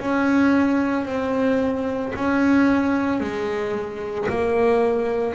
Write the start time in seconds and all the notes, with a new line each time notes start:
0.00 C#4
1.06 C4
2.15 C#4
3.20 G#3
4.29 A#3